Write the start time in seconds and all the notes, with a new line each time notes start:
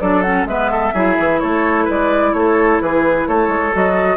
0.00 F#3 D4 A4 D5
0.22 C#4 F#5
0.45 G#3 B3 B4 E5
0.71 A4
0.94 F#3 E4 G#4
1.18 E3
1.40 A3 A4 C#5
1.84 G#3 B4 D5
2.33 A3 A4 C#5
2.81 E3 G#4 B4
3.27 A3 A4 C#5
3.48 G#3
3.73 F#3 F#4 D#5